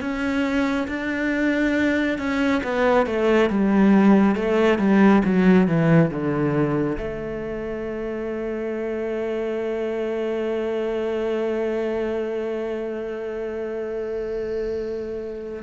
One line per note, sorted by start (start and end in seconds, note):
0.00 0.87 C#4
0.88 2.18 D4
2.18 2.61 C#4
2.63 3.06 B3
3.06 3.49 A3
3.49 4.35 G3
4.35 4.78 A3
4.78 5.22 G3
5.24 5.67 F#3
5.67 6.10 E3
6.10 6.97 D3
6.98 15.62 A3